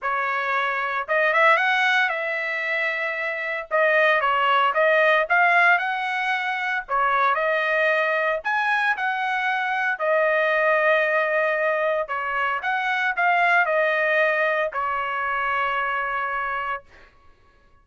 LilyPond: \new Staff \with { instrumentName = "trumpet" } { \time 4/4 \tempo 4 = 114 cis''2 dis''8 e''8 fis''4 | e''2. dis''4 | cis''4 dis''4 f''4 fis''4~ | fis''4 cis''4 dis''2 |
gis''4 fis''2 dis''4~ | dis''2. cis''4 | fis''4 f''4 dis''2 | cis''1 | }